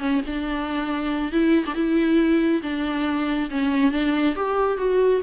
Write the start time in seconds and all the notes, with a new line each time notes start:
0.00 C#4
0.27 D4
1.33 E4
1.67 D4
1.75 E4
2.63 D4
3.51 C#4
3.92 D4
4.36 G4
4.78 F#4